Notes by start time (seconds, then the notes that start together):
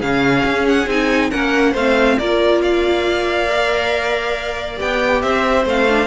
0.00 C#3 C#4 G#4 F5
0.45 C#4
0.68 F#5
0.87 C4 D#4 G#5
1.31 A#3 C#4 A#4 F#5
1.72 A3 C5 F5
1.79 C4
2.19 A#3 F4 A#4 D5
2.62 D5 F5
3.48 A#4
4.77 B3 G4 G5
5.22 C4 C5 E5
5.66 A3 C4 F5
5.89 D4